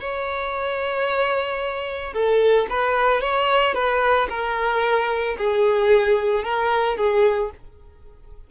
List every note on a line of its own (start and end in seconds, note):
0.00 2.13 C#5
2.13 2.67 A4
2.70 3.21 B4
3.21 3.74 C#5
3.74 4.28 B4
4.29 5.36 A#4
5.37 6.44 G#4
6.44 6.97 A#4
6.97 7.50 G#4